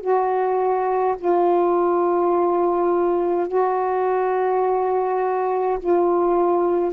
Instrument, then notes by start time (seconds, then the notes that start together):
saxophone
0.00 F#4
1.18 F4
3.48 F#4
5.80 F4